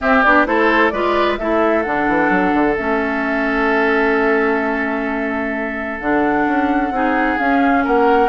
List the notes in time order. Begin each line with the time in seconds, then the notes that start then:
0.00 C4 G4 E5
0.22 B3 D4 D5
0.45 A3 E4 A4 C5
0.89 G#3 F4 B4 D5
1.38 A3 E4 A4 E5
1.82 D3 D4 F#5
2.08 E3
2.29 F#3
2.53 D3
2.76 A3 C#4 E5
5.99 D3 D4 F#5
6.46 C#4
6.90 C4 D#4 G#4
7.37 C#4 F5
7.84 A#3 A#4 F#5